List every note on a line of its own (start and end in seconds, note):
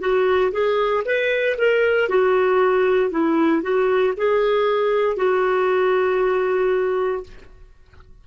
0.00 0.52 F#4
0.52 1.04 G#4
1.05 1.57 B4
1.58 2.09 A#4
2.09 3.11 F#4
3.11 3.63 E4
3.63 4.14 F#4
4.17 5.17 G#4
5.17 7.24 F#4